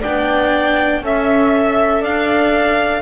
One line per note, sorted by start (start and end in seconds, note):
0.00 1.02 B3
0.00 1.01 D4
0.00 1.00 D5
0.00 1.03 G5
1.02 2.02 C#4
1.02 3.01 A4
1.02 2.00 E5
1.02 2.04 E5
2.00 3.01 D4
2.00 3.00 D5
2.00 3.01 F5